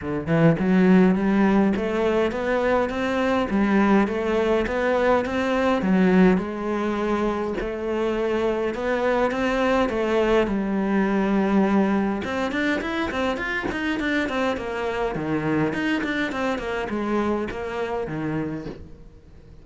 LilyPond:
\new Staff \with { instrumentName = "cello" } { \time 4/4 \tempo 4 = 103 d8 e8 fis4 g4 a4 | b4 c'4 g4 a4 | b4 c'4 fis4 gis4~ | gis4 a2 b4 |
c'4 a4 g2~ | g4 c'8 d'8 e'8 c'8 f'8 dis'8 | d'8 c'8 ais4 dis4 dis'8 d'8 | c'8 ais8 gis4 ais4 dis4 | }